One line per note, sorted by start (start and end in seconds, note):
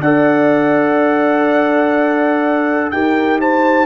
0.00 2.90 D4
0.00 2.93 A4
0.00 2.92 D5
0.00 2.91 F#5
2.91 3.86 D#4
2.91 3.86 G4
2.91 3.40 A#4
2.91 3.39 G5
3.40 3.86 C5
3.40 3.86 A5